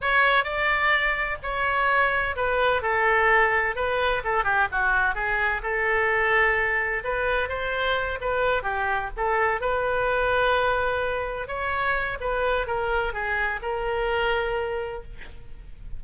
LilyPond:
\new Staff \with { instrumentName = "oboe" } { \time 4/4 \tempo 4 = 128 cis''4 d''2 cis''4~ | cis''4 b'4 a'2 | b'4 a'8 g'8 fis'4 gis'4 | a'2. b'4 |
c''4. b'4 g'4 a'8~ | a'8 b'2.~ b'8~ | b'8 cis''4. b'4 ais'4 | gis'4 ais'2. | }